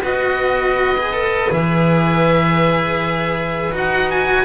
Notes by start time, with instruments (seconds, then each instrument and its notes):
0.00 double bass B3, cello F#4, violin B4, oboe D#5
0.98 cello G#4
1.13 cello A4
1.50 double bass E3, cello G#4, oboe E5
3.72 double bass D#4, cello F#4, oboe F#5
4.10 oboe G#5